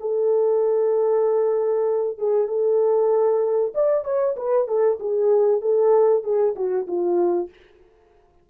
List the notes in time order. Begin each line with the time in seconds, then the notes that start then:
0.00 A4
2.18 G#4
2.48 A4
3.74 D5
4.05 C#5
4.36 B4
4.67 A4
4.99 G#4
5.61 A4
6.24 G#4
6.56 F#4
6.87 F4